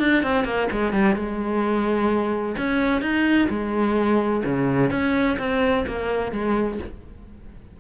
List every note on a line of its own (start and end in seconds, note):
0.00 0.23 D4
0.23 0.45 C4
0.45 0.68 A#3
0.72 0.93 G#3
0.93 1.16 G3
1.16 2.57 G#3
2.58 3.02 C#4
3.02 3.49 D#4
3.50 4.44 G#3
4.45 4.91 C#3
4.91 5.38 C#4
5.39 5.86 C4
5.87 6.32 A#3
6.32 6.79 G#3